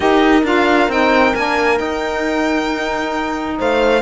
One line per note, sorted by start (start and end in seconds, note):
0.00 0.43 D#4
0.00 0.42 G4
0.00 3.57 A#4
0.00 0.44 D#5
0.43 0.88 D4
0.43 0.90 F4
0.43 0.91 F5
0.88 1.32 C4
0.88 1.35 D#4
0.88 1.34 G5
1.34 1.79 A#3
1.34 1.76 D4
1.34 1.78 G#5
1.76 4.00 D#4
1.76 3.59 D#4
1.76 3.57 G5
3.58 4.01 A3
3.58 4.01 C5
3.58 4.01 F5